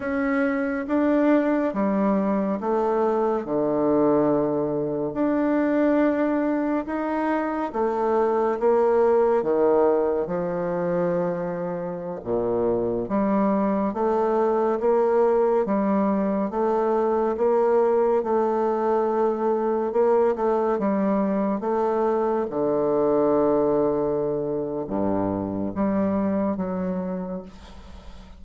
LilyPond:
\new Staff \with { instrumentName = "bassoon" } { \time 4/4 \tempo 4 = 70 cis'4 d'4 g4 a4 | d2 d'2 | dis'4 a4 ais4 dis4 | f2~ f16 ais,4 g8.~ |
g16 a4 ais4 g4 a8.~ | a16 ais4 a2 ais8 a16~ | a16 g4 a4 d4.~ d16~ | d4 g,4 g4 fis4 | }